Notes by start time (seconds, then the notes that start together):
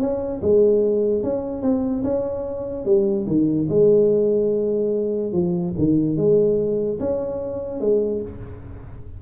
0.00 C#4
0.42 G#3
1.23 C#4
1.62 C4
2.04 C#4
2.85 G3
3.27 D#3
3.69 G#3
5.33 F3
5.78 D#3
6.17 G#3
7.00 C#4
7.81 G#3